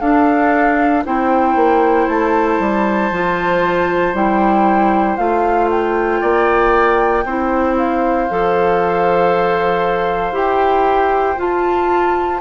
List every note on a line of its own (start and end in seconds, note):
0.00 1.04 D4
0.00 1.05 D4
0.00 1.03 A4
0.00 1.03 F5
1.05 1.55 C4
1.05 3.12 E4
1.05 6.20 C5
1.05 2.08 G5
1.55 2.07 A#3
2.08 2.59 A3
2.08 4.14 A5
2.59 3.11 G3
3.11 4.13 F3
3.11 4.14 F4
4.13 5.17 G3
4.13 5.17 E4
4.13 5.17 G5
5.17 6.22 A3
5.17 7.24 F4
5.17 5.69 F5
5.70 7.77 G5
6.20 7.24 A#3
6.20 7.24 D5
7.24 8.28 C4
7.24 8.30 E4
7.24 12.41 C5
7.77 10.36 F5
8.30 10.31 F3
8.30 10.32 A4
10.31 11.35 E4
10.31 11.36 G4
10.31 11.39 G5
11.37 12.40 F4
11.37 12.41 F4
11.37 12.41 A5